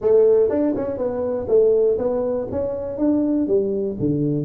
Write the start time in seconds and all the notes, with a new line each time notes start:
0.01 A3
0.49 D4
0.76 C#4
0.97 B3
1.47 A3
1.98 B3
2.51 C#4
2.98 D4
3.47 G3
3.99 D3